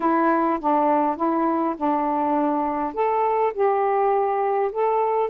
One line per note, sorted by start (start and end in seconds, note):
0.00 0.59 E4
0.60 1.16 D4
1.16 1.75 E4
1.76 2.94 D4
2.94 3.52 A4
3.53 4.71 G4
4.71 5.30 A4